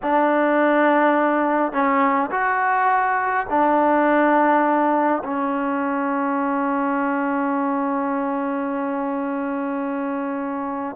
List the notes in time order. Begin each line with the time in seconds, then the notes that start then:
0.02 D4
1.72 C#4
2.31 F#4
3.49 D4
5.24 C#4